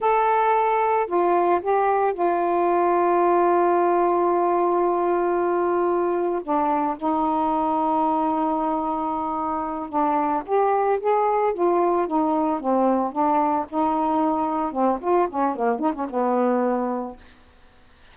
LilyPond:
\new Staff \with { instrumentName = "saxophone" } { \time 4/4 \tempo 4 = 112 a'2 f'4 g'4 | f'1~ | f'1 | d'4 dis'2.~ |
dis'2~ dis'8 d'4 g'8~ | g'8 gis'4 f'4 dis'4 c'8~ | c'8 d'4 dis'2 c'8 | f'8 cis'8 ais8 dis'16 cis'16 b2 | }